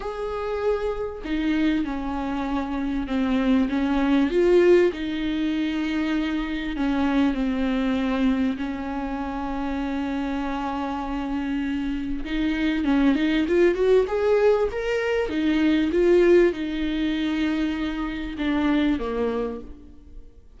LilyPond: \new Staff \with { instrumentName = "viola" } { \time 4/4 \tempo 4 = 98 gis'2 dis'4 cis'4~ | cis'4 c'4 cis'4 f'4 | dis'2. cis'4 | c'2 cis'2~ |
cis'1 | dis'4 cis'8 dis'8 f'8 fis'8 gis'4 | ais'4 dis'4 f'4 dis'4~ | dis'2 d'4 ais4 | }